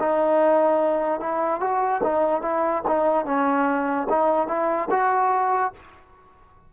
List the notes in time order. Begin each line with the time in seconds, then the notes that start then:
0.00 D#4
1.20 E4
1.60 F#4
2.03 D#4
2.42 E4
2.88 D#4
3.25 C#4
4.09 D#4
4.48 E4
4.91 F#4